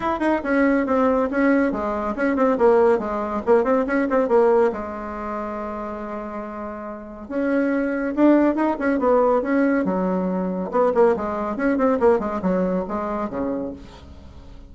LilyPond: \new Staff \with { instrumentName = "bassoon" } { \time 4/4 \tempo 4 = 140 e'8 dis'8 cis'4 c'4 cis'4 | gis4 cis'8 c'8 ais4 gis4 | ais8 c'8 cis'8 c'8 ais4 gis4~ | gis1~ |
gis4 cis'2 d'4 | dis'8 cis'8 b4 cis'4 fis4~ | fis4 b8 ais8 gis4 cis'8 c'8 | ais8 gis8 fis4 gis4 cis4 | }